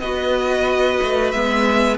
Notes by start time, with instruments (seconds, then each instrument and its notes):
0.00 cello B3, viola F#4, violin B4 D#5
1.02 cello A3
1.31 cello G#3, viola B3, violin E5